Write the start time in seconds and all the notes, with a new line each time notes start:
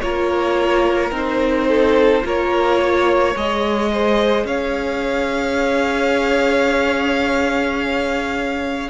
0.00 A#3 F4 A#4 C#5
1.10 C4 D#4 C5
1.68 A4
2.23 A#3 F4 A#4 C#5
2.80 C#5
3.35 G#3 G#4 D#5
3.92 C5
4.44 C#4 C#5 F5